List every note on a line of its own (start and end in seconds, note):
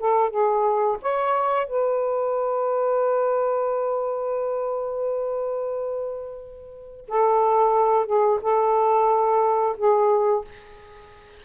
0.00 0.30 A4
0.30 0.98 G#4
1.02 1.67 C#5
1.67 7.07 B4
7.08 8.06 A4
8.06 8.40 G#4
8.42 9.77 A4
9.78 10.45 G#4